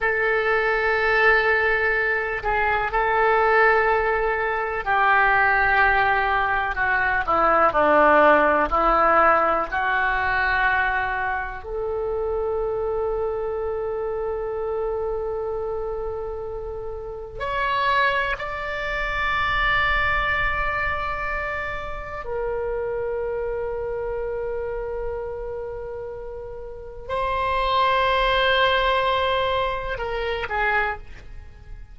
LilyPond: \new Staff \with { instrumentName = "oboe" } { \time 4/4 \tempo 4 = 62 a'2~ a'8 gis'8 a'4~ | a'4 g'2 fis'8 e'8 | d'4 e'4 fis'2 | a'1~ |
a'2 cis''4 d''4~ | d''2. ais'4~ | ais'1 | c''2. ais'8 gis'8 | }